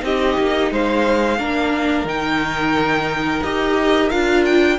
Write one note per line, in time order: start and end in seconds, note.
0.00 0.37 C4
0.00 1.36 D#4
0.00 0.72 G4
0.00 0.73 D#5
0.38 0.71 A#3
0.71 1.39 G#3
0.71 1.38 C5
0.71 2.08 F5
1.38 2.04 A#3
1.38 2.07 D4
1.38 4.79 A#4
2.04 3.41 D#3
2.04 3.43 D#4
2.04 3.43 G5
3.43 4.12 D#4
3.43 4.11 G4
3.43 4.10 D#5
4.10 4.79 D4
4.10 4.79 F4
4.10 4.44 F5
4.45 4.79 G5